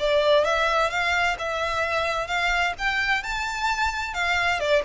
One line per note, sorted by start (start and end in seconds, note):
0.00 0.45 D5
0.45 0.91 E5
0.91 1.37 F5
1.39 2.28 E5
2.28 2.74 F5
2.79 3.23 G5
3.23 4.14 A5
4.14 4.60 F5
4.60 4.83 D5